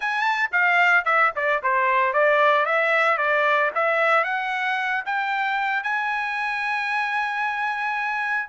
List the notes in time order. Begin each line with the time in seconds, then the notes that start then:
0.00 A5
0.52 F5
1.05 E5
1.35 D5
1.62 C5
2.13 D5
2.65 E5
3.17 D5
3.74 E5
4.24 F#5
5.05 G5
5.83 G#5